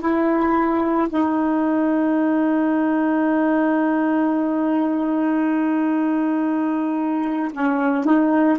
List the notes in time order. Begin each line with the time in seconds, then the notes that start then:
0.00 E4
1.09 D#4
7.52 C#4
8.04 D#4